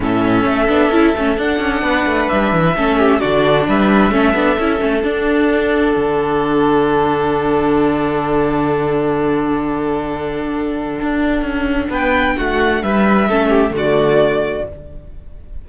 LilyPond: <<
  \new Staff \with { instrumentName = "violin" } { \time 4/4 \tempo 4 = 131 e''2. fis''4~ | fis''4 e''2 d''4 | e''2. fis''4~ | fis''1~ |
fis''1~ | fis''1~ | fis''2 g''4 fis''4 | e''2 d''2 | }
  \new Staff \with { instrumentName = "violin" } { \time 4/4 a'1 | b'2 a'8 g'8 fis'4 | b'4 a'2.~ | a'1~ |
a'1~ | a'1~ | a'2 b'4 fis'4 | b'4 a'8 g'8 fis'2 | }
  \new Staff \with { instrumentName = "viola" } { \time 4/4 cis'4. d'8 e'8 cis'8 d'4~ | d'2 cis'4 d'4~ | d'4 cis'8 d'8 e'8 cis'8 d'4~ | d'1~ |
d'1~ | d'1~ | d'1~ | d'4 cis'4 a2 | }
  \new Staff \with { instrumentName = "cello" } { \time 4/4 a,4 a8 b8 cis'8 a8 d'8 cis'8 | b8 a8 g8 e8 a4 d4 | g4 a8 b8 cis'8 a8 d'4~ | d'4 d2.~ |
d1~ | d1 | d'4 cis'4 b4 a4 | g4 a4 d2 | }
>>